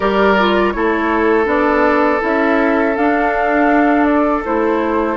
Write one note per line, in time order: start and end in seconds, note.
0.00 0.74 G3
0.00 0.37 G4
0.00 0.73 A#4
0.00 0.71 D5
0.38 0.73 F4
0.71 1.46 A3
0.71 1.44 E4
0.71 5.16 A4
0.71 1.45 C#5
1.44 2.20 B3
1.44 2.19 D4
1.44 2.22 D5
2.20 2.97 C#4
2.20 2.94 E4
2.20 2.96 E5
2.96 4.45 D4
2.96 4.44 D4
2.96 4.04 F5
4.04 4.42 D5
4.44 5.16 A3
4.44 5.16 E4
4.44 5.16 C5